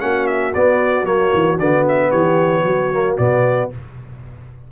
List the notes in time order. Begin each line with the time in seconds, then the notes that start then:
0.00 A#3 C#4 F#4 F#5
0.26 E5
0.54 B3 D5
1.03 F#3 A#3 C#5
1.34 E3
1.58 D3 B3 D5
1.88 E5
2.10 E3 G4 C#5
2.63 F#3 F#4
2.92 A#3
3.17 B2 B3 D5